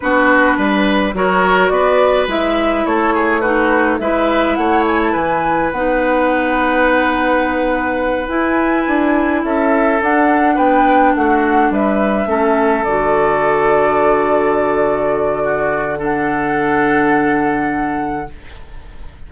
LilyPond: <<
  \new Staff \with { instrumentName = "flute" } { \time 4/4 \tempo 4 = 105 b'2 cis''4 d''4 | e''4 cis''4 b'4 e''4 | fis''8 gis''16 a''16 gis''4 fis''2~ | fis''2~ fis''8 gis''4.~ |
gis''8 e''4 fis''4 g''4 fis''8~ | fis''8 e''2 d''4.~ | d''1 | fis''1 | }
  \new Staff \with { instrumentName = "oboe" } { \time 4/4 fis'4 b'4 ais'4 b'4~ | b'4 a'8 gis'8 fis'4 b'4 | cis''4 b'2.~ | b'1~ |
b'8 a'2 b'4 fis'8~ | fis'8 b'4 a'2~ a'8~ | a'2. fis'4 | a'1 | }
  \new Staff \with { instrumentName = "clarinet" } { \time 4/4 d'2 fis'2 | e'2 dis'4 e'4~ | e'2 dis'2~ | dis'2~ dis'8 e'4.~ |
e'4. d'2~ d'8~ | d'4. cis'4 fis'4.~ | fis'1 | d'1 | }
  \new Staff \with { instrumentName = "bassoon" } { \time 4/4 b4 g4 fis4 b4 | gis4 a2 gis4 | a4 e4 b2~ | b2~ b8 e'4 d'8~ |
d'8 cis'4 d'4 b4 a8~ | a8 g4 a4 d4.~ | d1~ | d1 | }
>>